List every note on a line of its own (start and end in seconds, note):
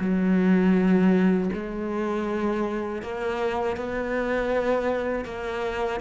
0.00 1.50 F#3
1.53 3.03 G#3
3.03 3.77 A#3
3.77 5.25 B3
5.25 6.00 A#3